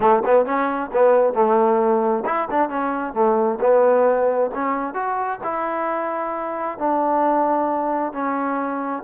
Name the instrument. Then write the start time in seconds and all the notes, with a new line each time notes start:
trombone
0.00 A3
0.25 B3
0.45 C#4
0.92 B3
1.33 A3
2.25 E4
2.50 D4
2.69 C#4
3.13 A3
3.60 B3
4.54 C#4
4.94 F#4
5.43 E4
6.78 D4
8.12 C#4